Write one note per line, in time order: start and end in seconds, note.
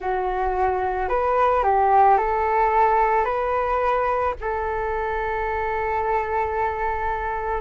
0.00 1.09 F#4
1.09 1.63 B4
1.63 2.17 G4
2.17 3.24 A4
3.24 4.33 B4
4.40 7.61 A4